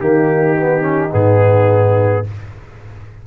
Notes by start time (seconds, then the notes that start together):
0.00 D#3 A#3 D#4 G4
0.57 B3
0.80 C#4
1.11 G#2 B3 G#4